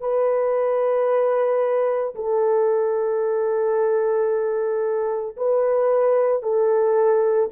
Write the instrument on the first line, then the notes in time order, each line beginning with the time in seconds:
horn
0.00 B4
2.15 A4
5.36 B4
6.42 A4